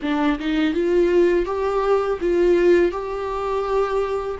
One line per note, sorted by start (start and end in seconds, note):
0.02 0.38 D4
0.39 0.74 D#4
0.74 1.45 F4
1.45 2.18 G4
2.21 2.91 F4
2.91 4.37 G4